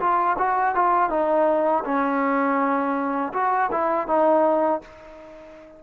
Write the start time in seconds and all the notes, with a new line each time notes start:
0.00 F4
0.39 F#4
0.75 F4
1.10 D#4
1.85 C#4
3.34 F#4
3.72 E4
4.08 D#4